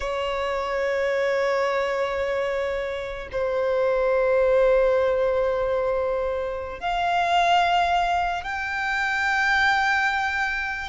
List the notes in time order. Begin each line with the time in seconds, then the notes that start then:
0.00 C#5
3.32 C5
6.80 F5
8.43 G5